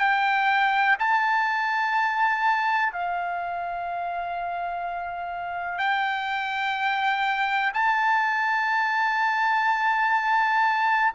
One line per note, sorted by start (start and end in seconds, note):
0.00 0.97 G5
1.00 2.93 A5
2.93 5.78 F5
5.78 7.72 G5
7.74 11.12 A5